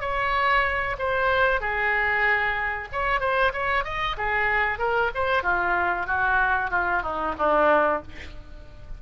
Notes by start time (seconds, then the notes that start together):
0.00 C#5
0.98 C5
1.60 G#4
2.92 C#5
3.20 C5
3.53 C#5
3.84 D#5
4.17 G#4
4.78 A#4
5.14 C5
5.43 F4
6.06 F#4
6.70 F4
7.02 D#4
7.38 D4